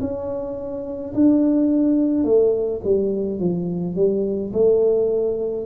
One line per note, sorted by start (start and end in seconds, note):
0.00 1.13 C#4
1.14 2.24 D4
2.24 2.81 A3
2.84 3.40 G3
3.40 3.95 F3
3.95 4.52 G3
4.53 5.66 A3